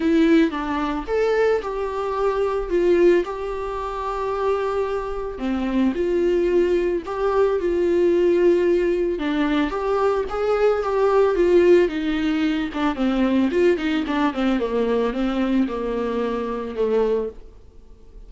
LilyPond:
\new Staff \with { instrumentName = "viola" } { \time 4/4 \tempo 4 = 111 e'4 d'4 a'4 g'4~ | g'4 f'4 g'2~ | g'2 c'4 f'4~ | f'4 g'4 f'2~ |
f'4 d'4 g'4 gis'4 | g'4 f'4 dis'4. d'8 | c'4 f'8 dis'8 d'8 c'8 ais4 | c'4 ais2 a4 | }